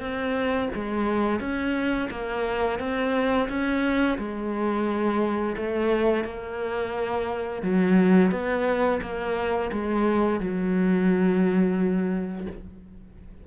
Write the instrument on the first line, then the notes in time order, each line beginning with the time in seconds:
cello
0.00 C4
0.75 G#3
1.40 C#4
2.10 A#3
2.79 C4
3.49 C#4
4.18 G#3
5.57 A3
6.24 A#3
7.62 F#3
8.31 B3
9.02 A#3
9.72 G#3
10.40 F#3